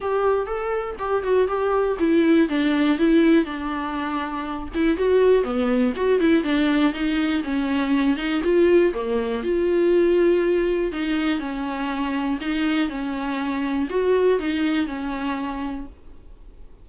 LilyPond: \new Staff \with { instrumentName = "viola" } { \time 4/4 \tempo 4 = 121 g'4 a'4 g'8 fis'8 g'4 | e'4 d'4 e'4 d'4~ | d'4. e'8 fis'4 b4 | fis'8 e'8 d'4 dis'4 cis'4~ |
cis'8 dis'8 f'4 ais4 f'4~ | f'2 dis'4 cis'4~ | cis'4 dis'4 cis'2 | fis'4 dis'4 cis'2 | }